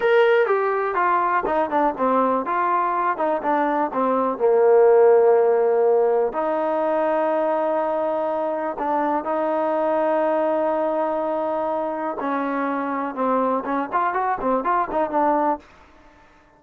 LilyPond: \new Staff \with { instrumentName = "trombone" } { \time 4/4 \tempo 4 = 123 ais'4 g'4 f'4 dis'8 d'8 | c'4 f'4. dis'8 d'4 | c'4 ais2.~ | ais4 dis'2.~ |
dis'2 d'4 dis'4~ | dis'1~ | dis'4 cis'2 c'4 | cis'8 f'8 fis'8 c'8 f'8 dis'8 d'4 | }